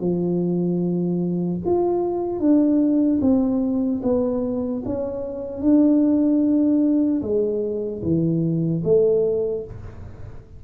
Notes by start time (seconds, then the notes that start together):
0.00 F3
1.65 F4
2.40 D4
3.21 C4
4.03 B3
4.85 C#4
5.62 D4
7.22 G#3
8.03 E3
8.84 A3